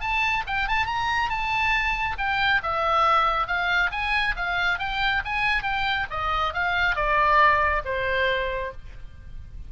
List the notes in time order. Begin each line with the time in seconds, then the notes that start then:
0.00 A5
0.47 G5
0.68 A5
0.86 A#5
1.29 A5
2.18 G5
2.63 E5
3.47 F5
3.91 G#5
4.36 F5
4.79 G5
5.25 G#5
5.63 G5
6.10 D#5
6.54 F5
6.95 D5
7.85 C5